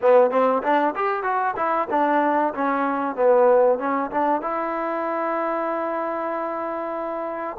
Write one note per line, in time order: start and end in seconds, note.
0.01 0.30 B3
0.30 0.62 C4
0.62 0.94 D4
0.95 1.23 G4
1.23 1.54 F#4
1.56 1.88 E4
1.90 2.53 D4
2.54 3.16 C#4
3.16 3.78 B3
3.78 4.10 C#4
4.11 4.41 D4
4.41 7.57 E4